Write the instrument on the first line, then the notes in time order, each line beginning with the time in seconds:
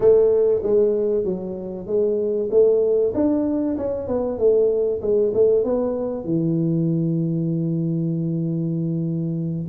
tuba
0.00 A3
0.62 G#3
1.24 F#3
1.86 G#3
2.50 A3
3.14 D4
3.77 C#4
4.07 B3
4.38 A3
5.01 G#3
5.34 A3
5.64 B3
6.24 E3